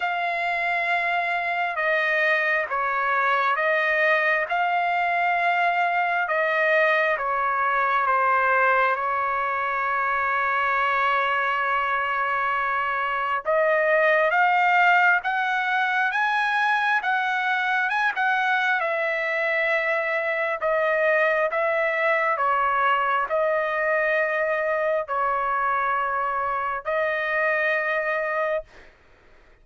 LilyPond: \new Staff \with { instrumentName = "trumpet" } { \time 4/4 \tempo 4 = 67 f''2 dis''4 cis''4 | dis''4 f''2 dis''4 | cis''4 c''4 cis''2~ | cis''2. dis''4 |
f''4 fis''4 gis''4 fis''4 | gis''16 fis''8. e''2 dis''4 | e''4 cis''4 dis''2 | cis''2 dis''2 | }